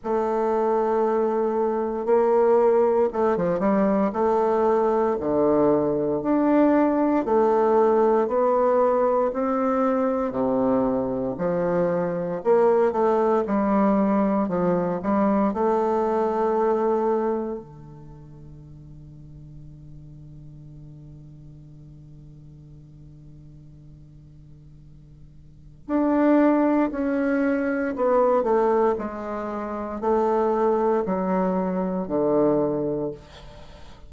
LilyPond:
\new Staff \with { instrumentName = "bassoon" } { \time 4/4 \tempo 4 = 58 a2 ais4 a16 f16 g8 | a4 d4 d'4 a4 | b4 c'4 c4 f4 | ais8 a8 g4 f8 g8 a4~ |
a4 d2.~ | d1~ | d4 d'4 cis'4 b8 a8 | gis4 a4 fis4 d4 | }